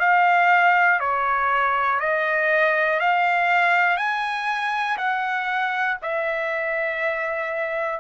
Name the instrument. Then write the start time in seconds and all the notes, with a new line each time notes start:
trumpet
0.00 F5
1.00 C#5
2.00 D#5
3.00 F5
3.97 G#5
4.97 F#5
6.02 E5